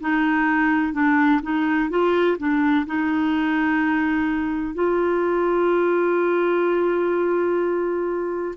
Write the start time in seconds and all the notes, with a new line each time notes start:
0.00 D#4
0.93 D4
1.42 D#4
1.90 F4
2.38 D4
2.86 D#4
4.74 F4